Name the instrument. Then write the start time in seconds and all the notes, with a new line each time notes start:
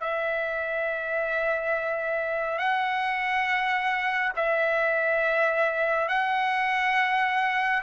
trumpet
0.00 E5
2.58 F#5
4.36 E5
6.08 F#5